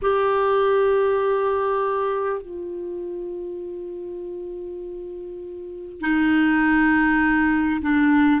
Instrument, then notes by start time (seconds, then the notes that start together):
clarinet
0.02 G4
2.41 F4
6.00 D#4
7.81 D4